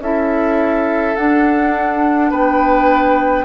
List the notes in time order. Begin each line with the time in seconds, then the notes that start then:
0.00 C#4 E4 A4 E5
1.16 D4 F#5
2.31 B3 B4 G5